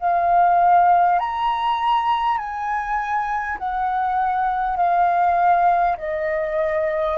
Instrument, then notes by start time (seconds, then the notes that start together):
flute
0.00 F5
1.19 A#5
2.38 G#5
3.58 F#5
4.77 F5
5.97 D#5